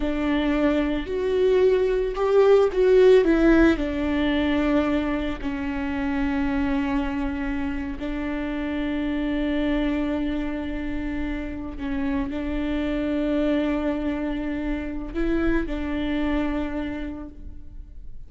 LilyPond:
\new Staff \with { instrumentName = "viola" } { \time 4/4 \tempo 4 = 111 d'2 fis'2 | g'4 fis'4 e'4 d'4~ | d'2 cis'2~ | cis'2~ cis'8. d'4~ d'16~ |
d'1~ | d'4.~ d'16 cis'4 d'4~ d'16~ | d'1 | e'4 d'2. | }